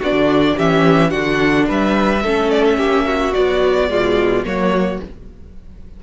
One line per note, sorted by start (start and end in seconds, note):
0.00 0.12 B3
0.00 0.59 D4
0.00 0.56 F#4
0.00 0.59 D5
0.12 0.54 D3
0.56 1.14 E3
0.56 1.10 C#4
0.56 1.11 G4
0.56 1.11 E5
1.10 1.70 D3
1.10 2.21 D4
1.10 1.67 F#4
1.10 1.66 F#5
1.68 2.25 G3
1.68 2.24 B4
1.68 2.51 E5
2.24 2.78 A3
2.24 3.33 C#4
2.24 2.78 A4
2.51 2.65 D5
2.66 3.34 E5
2.78 3.34 A#3
2.78 3.06 G4
3.07 3.90 F#4
3.33 3.88 F#3
3.33 3.92 B3
3.33 4.45 D5
3.89 4.44 B2
3.89 4.44 G#3
3.89 4.46 F4
4.44 5.00 F#3
4.44 5.00 A#3
4.44 5.03 F#4
4.44 5.01 C#5